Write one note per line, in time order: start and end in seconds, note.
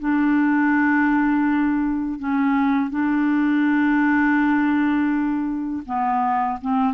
0.00 2.19 D4
2.19 2.91 C#4
2.91 5.83 D4
5.86 6.59 B3
6.62 6.94 C4